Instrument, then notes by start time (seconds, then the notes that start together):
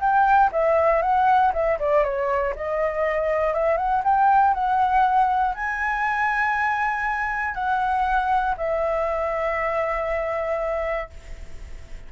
flute
0.00 G5
0.52 E5
1.02 F#5
1.53 E5
1.79 D5
2.04 C#5
2.56 D#5
3.54 E5
3.77 F#5
4.04 G5
4.54 F#5
5.55 G#5
7.54 F#5
8.57 E5